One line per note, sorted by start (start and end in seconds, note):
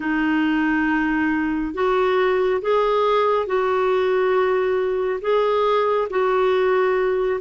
0.00 1.74 D#4
1.74 2.61 F#4
2.61 3.46 G#4
3.46 5.20 F#4
5.21 6.08 G#4
6.09 7.40 F#4